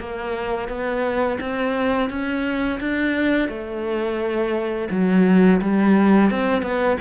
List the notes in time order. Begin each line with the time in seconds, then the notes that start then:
0.00 A#3
0.68 B3
1.40 C4
2.10 C#4
2.80 D4
3.49 A3
4.91 F#3
5.61 G3
6.31 C4
6.62 B3